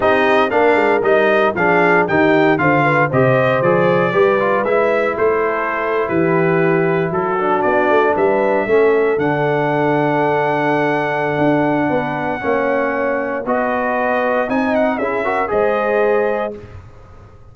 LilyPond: <<
  \new Staff \with { instrumentName = "trumpet" } { \time 4/4 \tempo 4 = 116 dis''4 f''4 dis''4 f''4 | g''4 f''4 dis''4 d''4~ | d''4 e''4 c''4.~ c''16 b'16~ | b'4.~ b'16 a'4 d''4 e''16~ |
e''4.~ e''16 fis''2~ fis''16~ | fis''1~ | fis''2 dis''2 | gis''8 fis''8 e''4 dis''2 | }
  \new Staff \with { instrumentName = "horn" } { \time 4/4 g'4 ais'2 gis'4 | g'4 c''8 b'8 c''2 | b'2 a'4.~ a'16 g'16~ | g'4.~ g'16 fis'2 b'16~ |
b'8. a'2.~ a'16~ | a'2. b'4 | cis''2 b'2 | dis''4 gis'8 ais'8 c''2 | }
  \new Staff \with { instrumentName = "trombone" } { \time 4/4 dis'4 d'4 dis'4 d'4 | dis'4 f'4 g'4 gis'4 | g'8 f'8 e'2.~ | e'2~ e'16 d'4.~ d'16~ |
d'8. cis'4 d'2~ d'16~ | d'1 | cis'2 fis'2 | dis'4 e'8 fis'8 gis'2 | }
  \new Staff \with { instrumentName = "tuba" } { \time 4/4 c'4 ais8 gis8 g4 f4 | dis4 d4 c4 f4 | g4 gis4 a4.~ a16 e16~ | e4.~ e16 fis4 b8 a8 g16~ |
g8. a4 d2~ d16~ | d2 d'4 b4 | ais2 b2 | c'4 cis'4 gis2 | }
>>